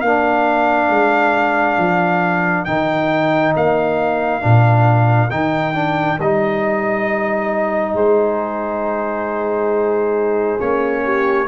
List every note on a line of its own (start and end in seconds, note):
0.00 0.90 A#3
0.00 2.67 D4
0.00 7.94 A#4
0.00 2.65 F5
0.90 1.78 G#3
1.78 2.66 F3
2.65 3.55 D#3
2.65 4.41 D#4
2.65 3.53 G5
3.55 4.44 A#3
3.55 5.30 F5
4.41 5.31 A#2
4.41 5.29 D4
5.30 6.19 D#3
5.30 5.74 D#4
5.30 6.19 G5
5.74 6.18 D4
6.19 7.94 G3
6.19 10.60 D#4
6.19 7.96 D#5
7.94 10.58 G#3
7.94 11.03 G#4
7.94 10.60 C5
10.60 11.47 A#3
10.60 11.47 C#4
10.60 11.47 C#5
11.04 11.47 G4